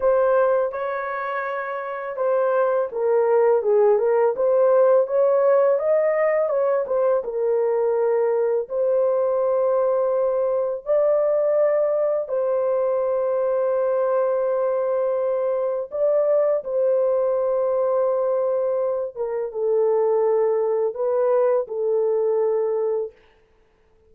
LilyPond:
\new Staff \with { instrumentName = "horn" } { \time 4/4 \tempo 4 = 83 c''4 cis''2 c''4 | ais'4 gis'8 ais'8 c''4 cis''4 | dis''4 cis''8 c''8 ais'2 | c''2. d''4~ |
d''4 c''2.~ | c''2 d''4 c''4~ | c''2~ c''8 ais'8 a'4~ | a'4 b'4 a'2 | }